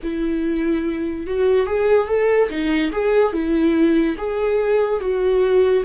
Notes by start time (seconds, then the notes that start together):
0.02 E4
1.26 F#4
1.66 G#4
2.07 A4
2.49 D#4
2.92 G#4
3.32 E4
4.17 G#4
5.00 F#4